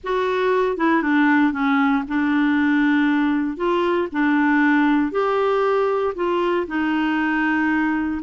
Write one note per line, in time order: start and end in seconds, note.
0.03 0.77 F#4
0.77 1.02 E4
1.02 1.52 D4
1.52 2.03 C#4
2.08 3.56 D4
3.56 4.08 F4
4.12 5.11 D4
5.11 6.14 G4
6.15 6.66 F4
6.67 8.21 D#4